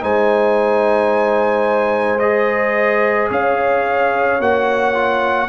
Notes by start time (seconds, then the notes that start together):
0.00 G#3 D#4 C5 G#5
2.19 G#4 D#5
3.30 C#4 C#5 F5
4.39 A#3 F#4 F#5
4.94 F4